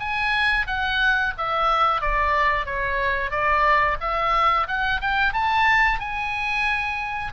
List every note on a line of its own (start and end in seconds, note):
0.00 0.67 G#5
0.67 1.34 F#5
1.38 2.02 E5
2.02 2.66 D5
2.66 3.31 C#5
3.31 3.98 D5
4.01 4.68 E5
4.68 5.01 F#5
5.01 5.33 G5
5.33 6.00 A5
6.00 7.33 G#5